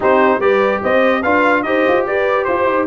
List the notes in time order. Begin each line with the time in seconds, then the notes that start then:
0.00 C4 D#4 G4 C5
0.39 G3 G4 B4 D5
0.82 C4 C5 D#5
1.22 D4 F4 B4 F5
1.62 D#4 G4 C5 D#5
1.87 F4
2.06 G4 B4 D5
2.44 F4 C5
2.65 D#4